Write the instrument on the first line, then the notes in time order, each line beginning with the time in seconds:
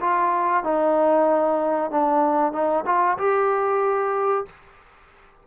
trombone
0.00 F4
0.63 D#4
1.91 D4
2.52 D#4
2.85 F4
3.18 G4